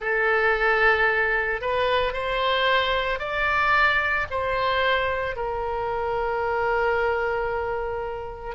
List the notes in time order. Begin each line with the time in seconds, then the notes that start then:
0.00 A4
1.61 B4
2.13 C5
3.19 D5
4.30 C5
5.36 A#4